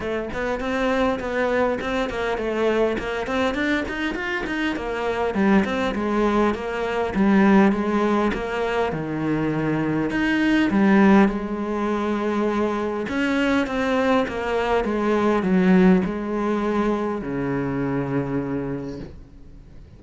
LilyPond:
\new Staff \with { instrumentName = "cello" } { \time 4/4 \tempo 4 = 101 a8 b8 c'4 b4 c'8 ais8 | a4 ais8 c'8 d'8 dis'8 f'8 dis'8 | ais4 g8 c'8 gis4 ais4 | g4 gis4 ais4 dis4~ |
dis4 dis'4 g4 gis4~ | gis2 cis'4 c'4 | ais4 gis4 fis4 gis4~ | gis4 cis2. | }